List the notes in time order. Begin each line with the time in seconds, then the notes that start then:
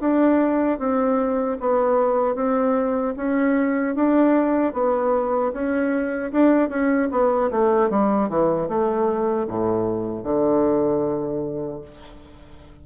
0.00 D4
0.79 C4
1.60 B3
2.35 C4
3.17 C#4
3.95 D4
4.74 B3
5.53 C#4
6.32 D4
6.70 C#4
7.11 B3
7.51 A3
7.90 G3
8.29 E3
8.68 A3
9.48 A2
10.24 D3